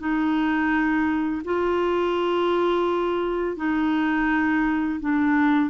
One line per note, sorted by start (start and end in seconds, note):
0.00 1.43 D#4
1.45 3.57 F4
3.57 5.00 D#4
5.01 5.70 D4